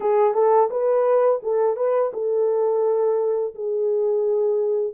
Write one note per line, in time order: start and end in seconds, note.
0.00 0.33 G#4
0.33 0.69 A4
0.70 1.41 B4
1.42 1.76 A4
1.76 2.11 B4
2.13 3.54 A4
3.54 4.93 G#4